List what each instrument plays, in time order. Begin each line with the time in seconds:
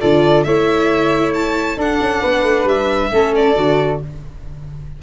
0.00 tuba D3, viola F4, flute A4, violin D5
0.43 tuba A3, viola E4, flute C#5, violin E5
1.34 violin A5
1.76 tuba D4, viola D4, flute A4, violin F#5
2.00 tuba C#4
2.21 tuba B3, flute B4
2.42 tuba A3
2.64 tuba G3, violin E5
3.12 tuba A3, viola C#4, flute A4
3.35 violin D5
3.55 tuba D3, viola F#4